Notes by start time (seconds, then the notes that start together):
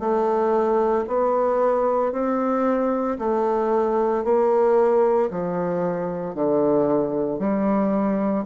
0.00 A3
1.08 B3
2.12 C4
3.19 A3
4.24 A#3
5.31 F3
6.34 D3
7.39 G3